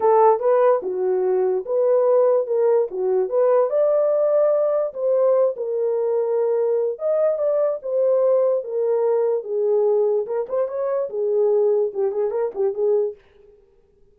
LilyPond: \new Staff \with { instrumentName = "horn" } { \time 4/4 \tempo 4 = 146 a'4 b'4 fis'2 | b'2 ais'4 fis'4 | b'4 d''2. | c''4. ais'2~ ais'8~ |
ais'4 dis''4 d''4 c''4~ | c''4 ais'2 gis'4~ | gis'4 ais'8 c''8 cis''4 gis'4~ | gis'4 g'8 gis'8 ais'8 g'8 gis'4 | }